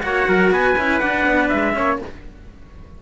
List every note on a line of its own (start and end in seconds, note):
0.00 0.27 A#3
0.00 0.74 F#4
0.00 0.28 C#5
0.00 0.52 F#5
0.28 0.50 F#3
0.28 0.52 A#4
0.50 0.75 B3
0.50 1.75 B4
0.50 0.99 G#5
0.77 1.02 C#4
0.77 1.00 E4
0.99 1.73 D4
0.99 1.26 D4
0.99 1.48 F#5
1.26 1.50 B3
1.48 1.77 G#3
1.48 1.98 E5
1.73 2.01 A#3
1.73 1.98 C#4
1.73 2.00 C#5